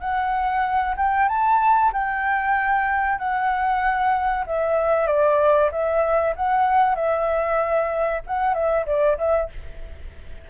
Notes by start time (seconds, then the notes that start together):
0.00 F#5
0.96 G5
1.28 A5
1.92 G5
3.18 F#5
4.46 E5
5.07 D5
5.71 E5
6.36 F#5
6.95 E5
8.26 F#5
8.54 E5
8.86 D5
9.18 E5